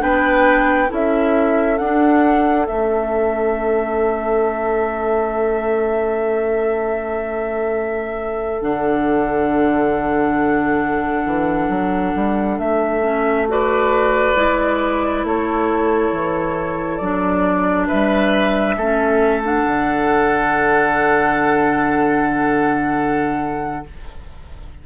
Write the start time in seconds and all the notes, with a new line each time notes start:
0.00 B3 D4 B4 G5
0.89 C#4 E4 A4 E5
1.78 D4 F#5
2.67 A3 C#4 E5
8.62 D3 D4 F#5
11.26 E3
11.69 F#3
12.16 G3
12.59 A3 E5
13.03 C#4
13.48 F#4 B4 D5
14.35 G#3 E4
15.24 A3 A4 C#5
16.12 E3
16.97 F#3 D4 D5
17.87 G3 B4 E5
18.77 A3 C#4 A4
19.44 D4 F#5
19.65 D3